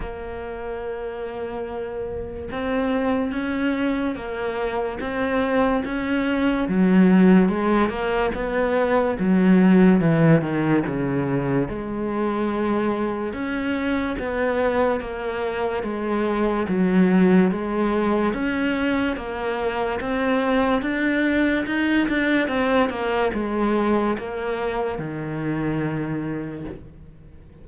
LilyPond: \new Staff \with { instrumentName = "cello" } { \time 4/4 \tempo 4 = 72 ais2. c'4 | cis'4 ais4 c'4 cis'4 | fis4 gis8 ais8 b4 fis4 | e8 dis8 cis4 gis2 |
cis'4 b4 ais4 gis4 | fis4 gis4 cis'4 ais4 | c'4 d'4 dis'8 d'8 c'8 ais8 | gis4 ais4 dis2 | }